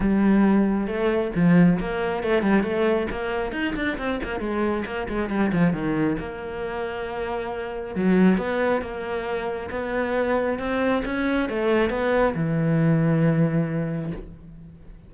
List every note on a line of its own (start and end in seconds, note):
0.00 0.87 G3
0.87 1.31 A3
1.35 1.79 F3
1.79 2.23 A#3
2.23 2.42 A3
2.42 2.63 G3
2.63 3.07 A3
3.11 3.52 A#3
3.52 3.74 D#4
3.75 3.97 D4
3.98 4.20 C4
4.23 4.40 A#3
4.40 4.84 G#3
4.85 5.07 A#3
5.09 5.29 G#3
5.29 5.51 G3
5.52 5.72 F3
5.72 6.16 D#3
6.19 7.95 A#3
7.95 8.37 F#3
8.37 8.81 B3
8.81 9.69 A#3
9.70 10.58 B3
10.58 11.03 C4
11.05 11.49 C#4
11.49 11.90 A3
11.90 12.34 B3
12.35 14.11 E3